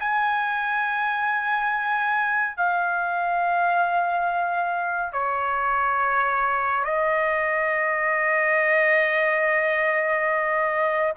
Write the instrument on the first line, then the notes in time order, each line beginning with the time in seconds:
trumpet
0.00 G#5
2.57 F5
5.13 C#5
6.85 D#5